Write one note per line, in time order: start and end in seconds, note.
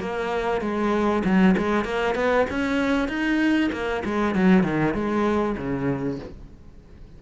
0.00 0.61 A#3
0.61 1.23 G#3
1.25 1.55 F#3
1.58 1.84 G#3
1.84 2.15 A#3
2.15 2.46 B3
2.50 3.08 C#4
3.08 3.70 D#4
3.72 4.03 A#3
4.05 4.35 G#3
4.35 4.63 F#3
4.63 4.94 D#3
4.94 5.56 G#3
5.58 6.19 C#3